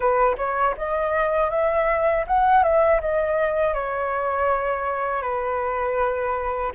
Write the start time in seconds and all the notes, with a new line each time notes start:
0.00 B4
0.37 C#5
0.77 D#5
1.50 E5
2.27 F#5
2.62 E5
3.00 D#5
3.74 C#5
5.22 B4